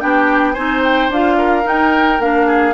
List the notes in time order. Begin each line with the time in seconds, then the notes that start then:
0.00 B3 D4 G4 G5
0.54 C4 D#4 C5 G#5
0.84 G5
1.09 D4 F4 F5
1.38 A#4
1.63 D#4 G5
2.19 A#3 D4 F5
2.47 G#4